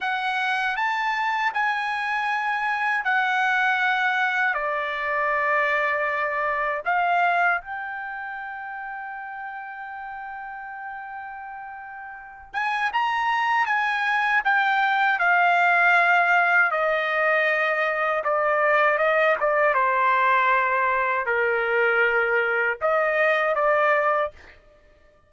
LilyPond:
\new Staff \with { instrumentName = "trumpet" } { \time 4/4 \tempo 4 = 79 fis''4 a''4 gis''2 | fis''2 d''2~ | d''4 f''4 g''2~ | g''1~ |
g''8 gis''8 ais''4 gis''4 g''4 | f''2 dis''2 | d''4 dis''8 d''8 c''2 | ais'2 dis''4 d''4 | }